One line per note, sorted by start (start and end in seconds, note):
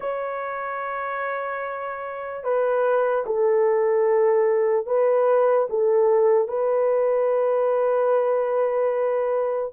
0.00 2.43 C#5
2.43 3.24 B4
3.25 4.86 A4
4.86 5.67 B4
5.69 6.48 A4
6.48 9.72 B4